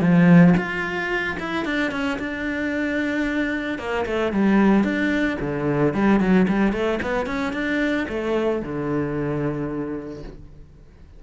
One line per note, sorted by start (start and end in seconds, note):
0.00 0.54 F3
0.56 1.37 F4
1.39 1.65 E4
1.65 1.91 D4
1.91 2.18 C#4
2.18 3.78 D4
3.78 4.05 A#3
4.05 4.32 A3
4.32 4.83 G3
4.83 5.37 D4
5.40 5.93 D3
5.93 6.19 G3
6.19 6.46 F#3
6.48 6.72 G3
6.72 6.99 A3
7.02 7.26 B3
7.26 7.52 C#4
7.52 8.06 D4
8.08 8.62 A3
8.62 10.22 D3